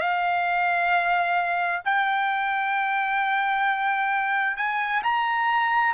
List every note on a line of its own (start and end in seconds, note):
0.00 1.82 F5
1.85 4.57 G5
4.57 5.02 G#5
5.03 5.93 A#5